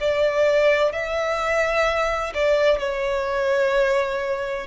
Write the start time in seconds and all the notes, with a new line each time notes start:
0.00 D5
0.92 E5
2.34 D5
2.79 C#5